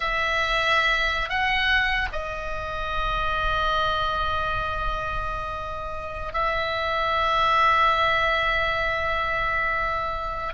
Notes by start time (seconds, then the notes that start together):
0.00 E5
1.29 F#5
2.12 D#5
6.33 E5